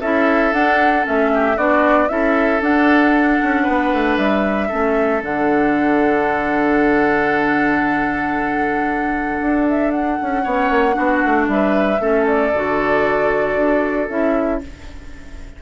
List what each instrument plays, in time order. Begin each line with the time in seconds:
0.00 bassoon C#4, clarinet E4, oboe A4, flute E5
0.53 bassoon D4, clarinet D4, flute F#5
1.02 bassoon A3, clarinet C#4, flute E5
1.34 oboe G4
1.56 bassoon B3, clarinet D4, oboe F#4, flute D5
2.08 bassoon C#4, clarinet E4, oboe A4, flute E5
2.61 bassoon D4, clarinet D4, flute F#5
3.43 bassoon C#4
3.63 bassoon B3, oboe B4
3.92 bassoon A3
4.17 bassoon G3, flute E5
4.68 bassoon A3, clarinet C#4, oboe A4
5.21 bassoon D3, clarinet D4, flute F#5
9.40 bassoon D4
9.68 flute E5
9.91 flute F#5
10.22 bassoon C#4
10.43 bassoon B3, clarinet C#4, oboe C#5
10.70 bassoon A#3
10.92 bassoon B3, clarinet D4, oboe F#4
11.24 bassoon A3
11.47 bassoon G3, oboe B4, flute E5
12.00 bassoon A3, clarinet C#4, oboe A4
12.27 flute D5
12.55 bassoon D3, clarinet F#4
13.55 bassoon D4
14.08 bassoon C#4, clarinet E4, flute E5